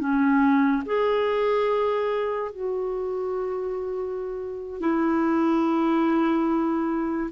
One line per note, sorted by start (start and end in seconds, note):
0.00 0.83 C#4
0.86 2.52 G#4
2.52 4.81 F#4
4.81 7.31 E4